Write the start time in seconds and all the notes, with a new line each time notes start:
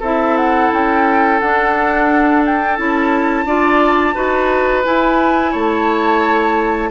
0.00 C4 E4 A4 E5
0.37 F#5
0.73 C#4 G5
1.40 D4 F#5
2.46 G5
2.77 C#4 E4 A5
3.46 D4 F4 D5
4.15 D#4 F#4 B4
4.84 E4 G#5
5.52 A3 C#5 A5